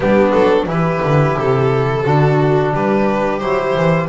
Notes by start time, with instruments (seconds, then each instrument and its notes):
0.00 double bass G3, trombone B3, viola D4, violin G4
0.32 double bass F#3, violin A4
0.66 double bass E3, trombone E4, viola G4, violin B4
1.02 double bass D3
1.38 double bass C3, violin A4
2.05 double bass D3, trombone D4, viola F#4
2.73 double bass G3, viola G4, violin B4
3.39 double bass F#3, trombone E4, violin C5
3.75 double bass E3